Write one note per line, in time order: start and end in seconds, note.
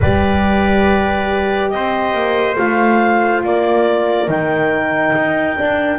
0.01 1.73 G3
0.01 2.57 G4
0.01 1.72 B4
0.01 1.69 D5
1.69 2.14 C4
1.69 3.46 C5
1.69 2.55 D#5
2.14 2.56 A#3
2.57 3.44 A3
2.57 4.27 F4
2.57 3.43 F5
3.44 4.27 A#3
3.44 5.98 A#4
3.44 4.30 D5
4.27 5.13 D#3
4.27 5.55 D#4
4.27 5.98 G5
5.15 5.58 D#4
5.57 5.98 D4